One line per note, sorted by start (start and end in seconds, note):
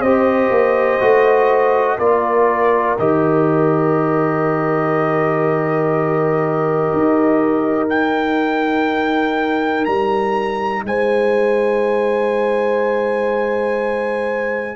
0.00 0.49 C4
0.00 1.00 G4
0.00 1.97 C5
0.00 1.98 D#5
0.50 0.99 A#3
1.00 1.98 A3
1.00 1.99 F#4
1.98 2.97 A#3
1.98 2.98 F4
1.98 10.83 A#4
1.98 2.96 D5
2.98 6.92 D#3
2.98 7.88 G4
2.98 7.89 D#5
6.93 9.86 D#4
7.88 14.76 D#4
7.88 9.84 G5
9.84 10.84 G3
9.84 10.83 A#5
10.84 14.76 G#3
10.84 14.76 C5
10.84 14.76 G#5